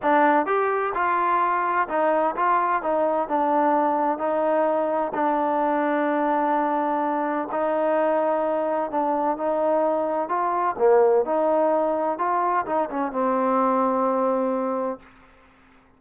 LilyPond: \new Staff \with { instrumentName = "trombone" } { \time 4/4 \tempo 4 = 128 d'4 g'4 f'2 | dis'4 f'4 dis'4 d'4~ | d'4 dis'2 d'4~ | d'1 |
dis'2. d'4 | dis'2 f'4 ais4 | dis'2 f'4 dis'8 cis'8 | c'1 | }